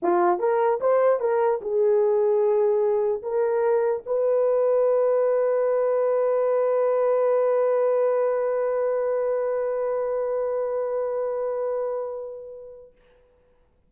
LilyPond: \new Staff \with { instrumentName = "horn" } { \time 4/4 \tempo 4 = 149 f'4 ais'4 c''4 ais'4 | gis'1 | ais'2 b'2~ | b'1~ |
b'1~ | b'1~ | b'1~ | b'1 | }